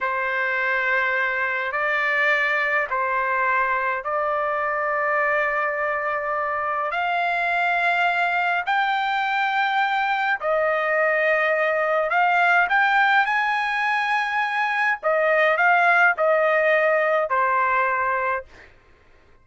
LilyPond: \new Staff \with { instrumentName = "trumpet" } { \time 4/4 \tempo 4 = 104 c''2. d''4~ | d''4 c''2 d''4~ | d''1 | f''2. g''4~ |
g''2 dis''2~ | dis''4 f''4 g''4 gis''4~ | gis''2 dis''4 f''4 | dis''2 c''2 | }